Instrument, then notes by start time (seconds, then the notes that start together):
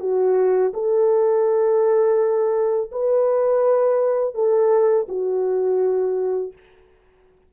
horn
0.00 F#4
0.74 A4
2.92 B4
4.34 A4
5.08 F#4